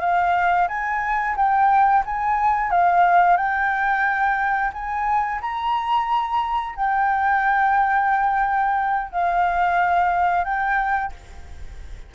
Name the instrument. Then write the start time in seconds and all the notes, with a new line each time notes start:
flute
0.00 F5
0.68 G#5
1.36 G5
2.05 G#5
2.70 F5
3.36 G5
4.73 G#5
5.41 A#5
6.75 G5
9.11 F5
10.44 G5